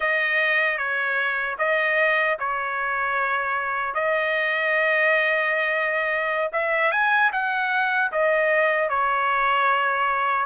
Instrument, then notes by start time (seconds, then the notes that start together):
trumpet
0.00 D#5
0.77 C#5
1.58 D#5
2.39 C#5
3.94 D#5
6.52 E5
6.91 G#5
7.32 F#5
8.11 D#5
8.89 C#5